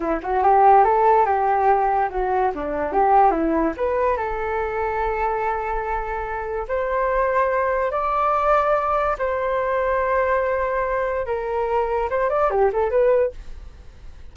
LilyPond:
\new Staff \with { instrumentName = "flute" } { \time 4/4 \tempo 4 = 144 e'8 fis'8 g'4 a'4 g'4~ | g'4 fis'4 d'4 g'4 | e'4 b'4 a'2~ | a'1 |
c''2. d''4~ | d''2 c''2~ | c''2. ais'4~ | ais'4 c''8 d''8 g'8 a'8 b'4 | }